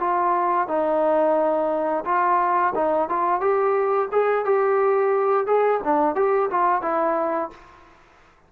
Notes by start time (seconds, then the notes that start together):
0.00 F4
0.68 D#4
2.05 F4
2.75 D#4
3.10 F4
3.41 G4
4.12 G#4
4.45 G4
5.47 G#4
5.84 D4
6.15 G4
6.51 F4
6.82 E4